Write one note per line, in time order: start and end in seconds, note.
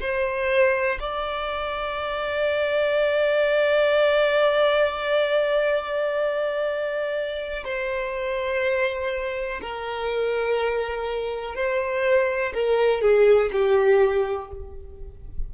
0.00 0.98 C5
1.00 7.64 D5
7.64 9.61 C5
9.61 11.55 A#4
11.55 12.53 C5
12.54 13.01 A#4
13.01 13.50 G#4
13.52 14.51 G4